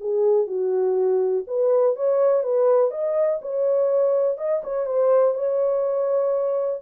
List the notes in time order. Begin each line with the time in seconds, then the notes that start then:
0.00 G#4
0.46 F#4
1.47 B4
1.96 C#5
2.43 B4
2.91 D#5
3.41 C#5
4.37 D#5
4.63 C#5
4.86 C5
5.34 C#5